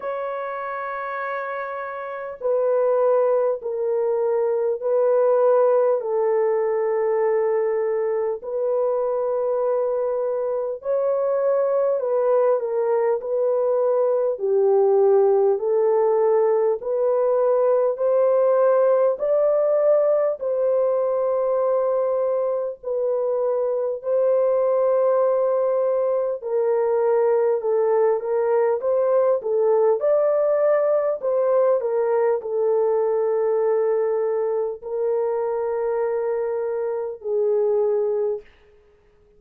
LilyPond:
\new Staff \with { instrumentName = "horn" } { \time 4/4 \tempo 4 = 50 cis''2 b'4 ais'4 | b'4 a'2 b'4~ | b'4 cis''4 b'8 ais'8 b'4 | g'4 a'4 b'4 c''4 |
d''4 c''2 b'4 | c''2 ais'4 a'8 ais'8 | c''8 a'8 d''4 c''8 ais'8 a'4~ | a'4 ais'2 gis'4 | }